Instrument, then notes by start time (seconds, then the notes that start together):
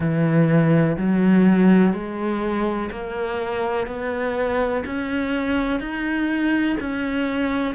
cello
0.00 E3
0.97 F#3
1.93 G#3
2.90 A#3
3.86 B3
4.85 C#4
5.80 D#4
6.80 C#4